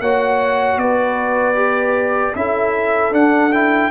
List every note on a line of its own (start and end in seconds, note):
0.00 0.77 A#3
0.00 1.55 F#4
0.00 0.79 C#5
0.00 0.78 F#5
0.77 2.33 B3
0.77 2.37 B4
0.77 2.34 D5
1.55 2.33 G4
2.35 3.11 C#4
2.35 3.12 E4
2.35 3.91 A4
2.35 3.13 E5
3.11 3.89 D4
3.11 3.50 D4
3.11 3.52 F#5
3.52 3.91 E4
3.52 3.91 G5